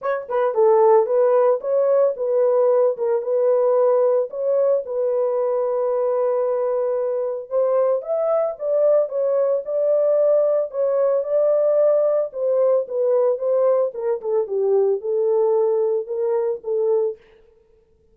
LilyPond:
\new Staff \with { instrumentName = "horn" } { \time 4/4 \tempo 4 = 112 cis''8 b'8 a'4 b'4 cis''4 | b'4. ais'8 b'2 | cis''4 b'2.~ | b'2 c''4 e''4 |
d''4 cis''4 d''2 | cis''4 d''2 c''4 | b'4 c''4 ais'8 a'8 g'4 | a'2 ais'4 a'4 | }